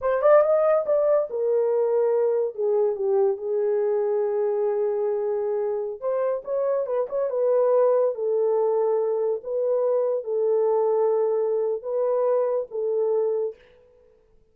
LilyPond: \new Staff \with { instrumentName = "horn" } { \time 4/4 \tempo 4 = 142 c''8 d''8 dis''4 d''4 ais'4~ | ais'2 gis'4 g'4 | gis'1~ | gis'2~ gis'16 c''4 cis''8.~ |
cis''16 b'8 cis''8 b'2 a'8.~ | a'2~ a'16 b'4.~ b'16~ | b'16 a'2.~ a'8. | b'2 a'2 | }